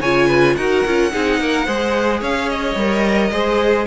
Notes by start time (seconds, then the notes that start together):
0.00 C#3 F4 C#5 G#5
0.27 B4
0.56 D#4 F#4 A#4 F#5
0.86 C#4 F4
1.11 C4 D#4 G#4
1.40 A#3 A#4
1.65 G#3 G#4 C5
2.21 C#4 C#5 F5
2.50 D#5
2.76 G3 A#4
3.31 G#3 G#4 C5